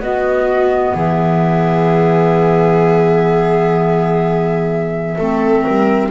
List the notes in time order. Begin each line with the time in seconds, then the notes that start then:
0.00 B3 F#4 D#5
0.95 E3 G#4 E5
5.18 A3 C4 A4
5.62 G3 A#4